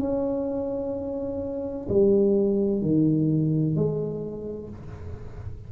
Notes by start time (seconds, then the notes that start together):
0.00 C#4
1.89 G3
2.82 D#3
3.76 G#3